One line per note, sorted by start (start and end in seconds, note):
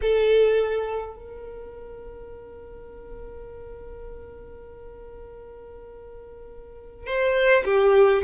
0.01 1.16 A4
1.16 7.06 A#4
7.06 7.64 C5
7.64 8.22 G4